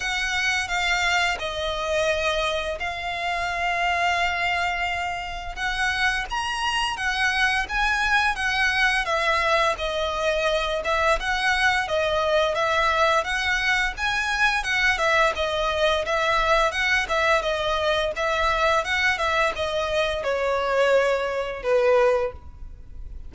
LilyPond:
\new Staff \with { instrumentName = "violin" } { \time 4/4 \tempo 4 = 86 fis''4 f''4 dis''2 | f''1 | fis''4 ais''4 fis''4 gis''4 | fis''4 e''4 dis''4. e''8 |
fis''4 dis''4 e''4 fis''4 | gis''4 fis''8 e''8 dis''4 e''4 | fis''8 e''8 dis''4 e''4 fis''8 e''8 | dis''4 cis''2 b'4 | }